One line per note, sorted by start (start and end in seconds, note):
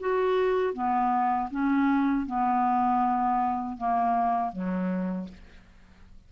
0.00 0.74 F#4
0.74 1.49 B3
1.51 2.26 C#4
2.26 3.77 B3
3.77 4.52 A#3
4.52 5.28 F#3